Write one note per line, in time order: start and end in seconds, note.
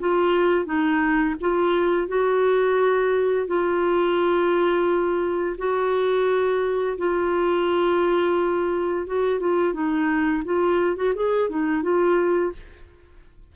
0.00 0.65 F4
0.65 1.35 D#4
1.41 2.08 F4
2.08 3.47 F#4
3.47 5.56 F4
5.58 6.97 F#4
6.98 9.07 F4
9.07 9.40 F#4
9.40 9.73 F4
9.73 10.43 D#4
10.45 10.96 F4
10.96 11.13 F#4
11.15 11.50 G#4
11.50 11.83 D#4
11.83 12.52 F4